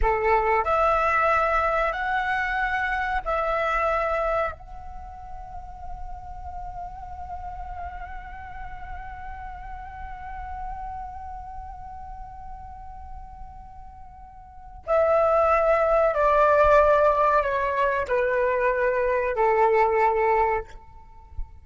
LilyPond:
\new Staff \with { instrumentName = "flute" } { \time 4/4 \tempo 4 = 93 a'4 e''2 fis''4~ | fis''4 e''2 fis''4~ | fis''1~ | fis''1~ |
fis''1~ | fis''2. e''4~ | e''4 d''2 cis''4 | b'2 a'2 | }